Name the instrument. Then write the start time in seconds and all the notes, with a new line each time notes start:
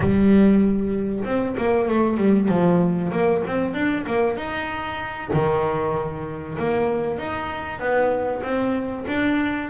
double bass
0.00 G3
1.24 C4
1.57 A#3
1.88 A3
2.17 G3
2.48 F3
3.11 A#3
3.46 C4
3.74 D4
4.06 A#3
4.37 D#4
5.33 D#3
6.58 A#3
7.18 D#4
7.79 B3
8.42 C4
9.07 D4